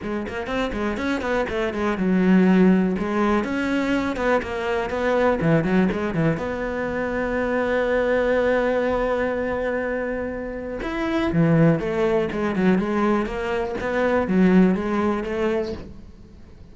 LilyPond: \new Staff \with { instrumentName = "cello" } { \time 4/4 \tempo 4 = 122 gis8 ais8 c'8 gis8 cis'8 b8 a8 gis8 | fis2 gis4 cis'4~ | cis'8 b8 ais4 b4 e8 fis8 | gis8 e8 b2.~ |
b1~ | b2 e'4 e4 | a4 gis8 fis8 gis4 ais4 | b4 fis4 gis4 a4 | }